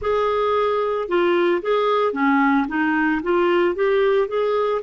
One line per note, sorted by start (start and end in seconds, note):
0.01 1.08 G#4
1.08 1.61 F4
1.62 2.12 G#4
2.12 2.66 C#4
2.68 3.21 D#4
3.22 3.75 F4
3.75 4.28 G4
4.28 4.81 G#4